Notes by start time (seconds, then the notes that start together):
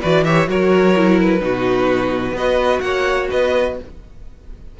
0.00 E3 F#4 B4 D5
0.24 G4 C#5 E5
0.47 F#3 F#4 A#4 C#5
0.96 E4
1.20 B4
1.39 B2 D#4 F#4
2.32 B3 F#4 B4 D#5
2.80 A#3 C#5 F#5
3.29 B3 B4 D#5